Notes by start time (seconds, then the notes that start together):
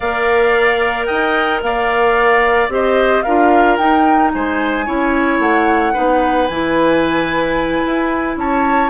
0.00 A#3 A#4 D5 F5
1.05 D#4 D#5 G5
1.62 A#3 D5 F5
2.68 C4 G4 C5 D#5
3.22 D4 F4 A#4 F5
3.77 D#4 G5
4.33 G#3 C5 G#5
4.85 C#4 E4 C#5
5.39 A3 F#5
5.93 B3 D#4 B4
6.47 E3 E4 G#5
7.85 E4
8.36 C#4 C#5 A5